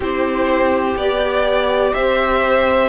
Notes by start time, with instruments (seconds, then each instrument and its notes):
0.00 cello C4, viola E4, violin G4 C5
0.96 cello B3, viola G4, violin D5
1.94 cello C4, violin C5 E5